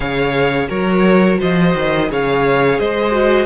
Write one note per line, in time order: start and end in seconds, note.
0.00 0.69 C#3
0.00 0.68 G#4
0.00 0.68 C#5
0.00 0.67 F5
0.68 1.40 F#3
0.68 2.07 F#4
0.68 1.38 A#4
0.68 1.39 C#5
1.39 1.75 F3
1.39 2.09 C5
1.39 2.11 D#5
1.75 2.09 D#3
2.07 2.79 C#3
2.07 3.11 G#4
2.07 2.79 C#5
2.07 2.79 F5
2.79 3.45 G#3
2.79 3.45 C5
2.79 3.45 D#5
3.11 3.45 F#4